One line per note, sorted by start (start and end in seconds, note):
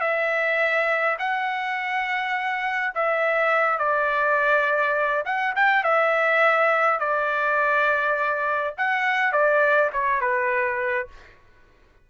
0.00 1.17 E5
1.18 2.93 F#5
2.94 3.78 E5
3.78 5.24 D5
5.25 5.54 F#5
5.55 5.83 G5
5.83 6.99 E5
6.99 8.74 D5
8.77 9.32 F#5
9.32 9.90 D5
9.92 10.20 C#5
10.20 11.08 B4